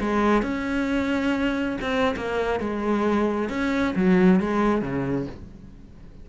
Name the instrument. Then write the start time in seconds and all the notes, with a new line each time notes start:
cello
0.00 G#3
0.43 C#4
1.81 C4
2.17 A#3
2.60 G#3
3.49 C#4
3.96 F#3
4.40 G#3
4.82 C#3